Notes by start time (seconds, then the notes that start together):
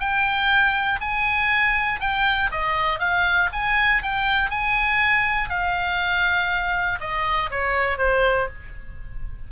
0.00 G5
1.01 G#5
2.01 G5
2.52 D#5
3.00 F5
3.53 G#5
4.03 G5
4.50 G#5
5.50 F5
7.00 D#5
7.51 C#5
7.98 C5